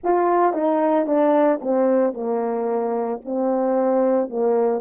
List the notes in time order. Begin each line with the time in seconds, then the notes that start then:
0.03 F4
0.53 D#4
1.06 D4
1.61 C4
2.13 A#3
3.24 C4
4.29 A#3